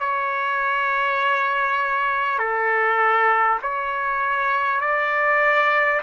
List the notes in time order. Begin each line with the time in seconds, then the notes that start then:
0.00 C#5
2.39 A4
3.62 C#5
4.81 D5